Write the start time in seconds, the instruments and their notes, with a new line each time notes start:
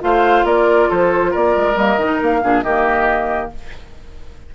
0.00 bassoon A3, clarinet F4, oboe C5, flute F5
0.44 bassoon A#3, oboe A#4, flute D5
0.89 bassoon F3, oboe A4, flute C5
1.31 bassoon A#3, oboe A#4, flute D5
1.56 bassoon G#3
1.75 bassoon G3, clarinet A#3, flute D#5
1.97 bassoon D#3
2.03 clarinet D#4
2.22 bassoon A#3, flute F5
2.42 bassoon A#2, clarinet D4, oboe G#4
2.62 bassoon D#3, clarinet A#3, oboe G4, flute D#5